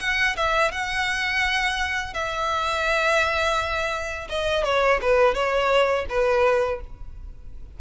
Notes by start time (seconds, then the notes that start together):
0.00 F#5
0.36 E5
0.71 F#5
2.14 E5
4.29 D#5
4.64 C#5
5.01 B4
5.34 C#5
6.09 B4